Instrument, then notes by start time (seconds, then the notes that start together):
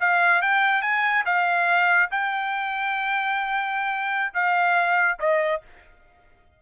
trumpet
0.00 F5
0.41 G5
0.81 G#5
1.25 F5
2.10 G5
4.33 F5
5.19 D#5